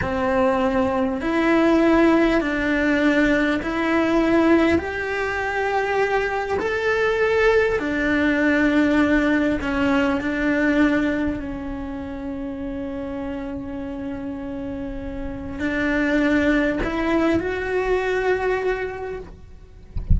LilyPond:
\new Staff \with { instrumentName = "cello" } { \time 4/4 \tempo 4 = 100 c'2 e'2 | d'2 e'2 | g'2. a'4~ | a'4 d'2. |
cis'4 d'2 cis'4~ | cis'1~ | cis'2 d'2 | e'4 fis'2. | }